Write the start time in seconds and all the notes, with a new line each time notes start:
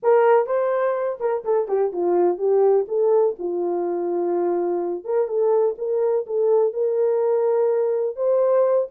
0.02 A#4
0.46 C5
1.20 A#4
1.44 A4
1.68 G4
1.92 F4
2.37 G4
2.88 A4
3.38 F4
5.04 A#4
5.27 A4
5.78 A#4
6.26 A4
6.73 A#4
8.16 C5